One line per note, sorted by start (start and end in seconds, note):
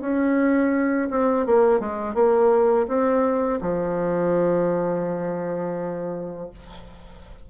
0.00 1.08 C#4
1.10 1.46 C4
1.46 1.79 A#3
1.79 2.14 G#3
2.14 2.86 A#3
2.87 3.59 C4
3.60 6.50 F3